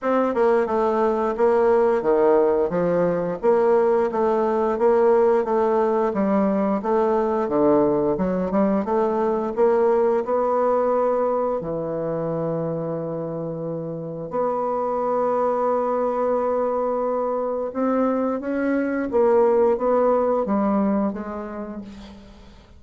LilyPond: \new Staff \with { instrumentName = "bassoon" } { \time 4/4 \tempo 4 = 88 c'8 ais8 a4 ais4 dis4 | f4 ais4 a4 ais4 | a4 g4 a4 d4 | fis8 g8 a4 ais4 b4~ |
b4 e2.~ | e4 b2.~ | b2 c'4 cis'4 | ais4 b4 g4 gis4 | }